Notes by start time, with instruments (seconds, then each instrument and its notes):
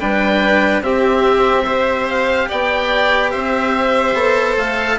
0.00 bassoon G3, cello D4, violin B4, oboe G5
0.82 bassoon C4, cello C4, violin G4, oboe E5
1.64 cello G4, violin C5
2.08 oboe F5
2.48 bassoon B3, violin D5, oboe G5
3.31 bassoon C4, violin C5, oboe E5
4.14 bassoon B3, cello A4
4.57 bassoon A3, oboe F5